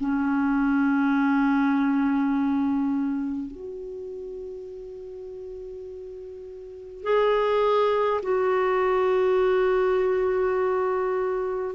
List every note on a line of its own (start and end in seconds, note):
0.00 3.51 C#4
3.51 7.03 F#4
7.03 8.20 G#4
8.22 11.75 F#4